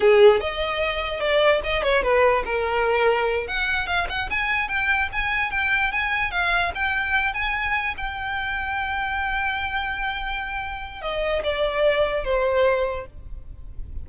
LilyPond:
\new Staff \with { instrumentName = "violin" } { \time 4/4 \tempo 4 = 147 gis'4 dis''2 d''4 | dis''8 cis''8 b'4 ais'2~ | ais'8 fis''4 f''8 fis''8 gis''4 g''8~ | g''8 gis''4 g''4 gis''4 f''8~ |
f''8 g''4. gis''4. g''8~ | g''1~ | g''2. dis''4 | d''2 c''2 | }